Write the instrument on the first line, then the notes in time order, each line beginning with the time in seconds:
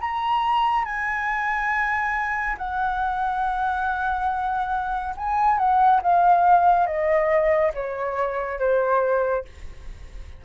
flute
0.00 A#5
0.85 G#5
2.57 F#5
5.16 G#5
5.58 F#5
6.02 F5
6.86 D#5
7.74 C#5
8.59 C5